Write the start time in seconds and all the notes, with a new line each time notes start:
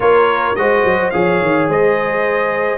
0.00 A#3 F4 A#4 C#5
0.55 G#3 F#4 C5 D#5
0.84 F#3
1.10 F3 G#4 C#5 F5
1.41 D#3
1.68 G#3 C5 D#5